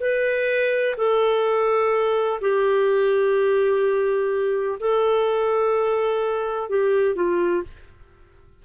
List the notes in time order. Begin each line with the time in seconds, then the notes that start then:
0.00 B4
0.97 A4
2.41 G4
4.80 A4
6.69 G4
7.15 F4